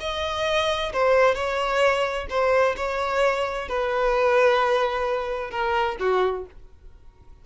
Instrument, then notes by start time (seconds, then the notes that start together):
violin
0.00 D#5
0.93 C5
1.34 C#5
2.29 C5
2.76 C#5
3.68 B4
5.50 A#4
5.99 F#4